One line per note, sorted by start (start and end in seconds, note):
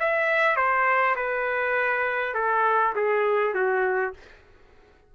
0.00 0.56 E5
0.56 1.16 C5
1.16 2.34 B4
2.34 2.94 A4
2.95 3.54 G#4
3.54 4.14 F#4